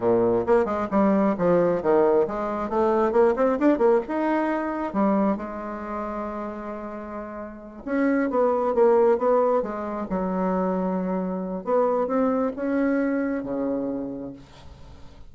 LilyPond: \new Staff \with { instrumentName = "bassoon" } { \time 4/4 \tempo 4 = 134 ais,4 ais8 gis8 g4 f4 | dis4 gis4 a4 ais8 c'8 | d'8 ais8 dis'2 g4 | gis1~ |
gis4. cis'4 b4 ais8~ | ais8 b4 gis4 fis4.~ | fis2 b4 c'4 | cis'2 cis2 | }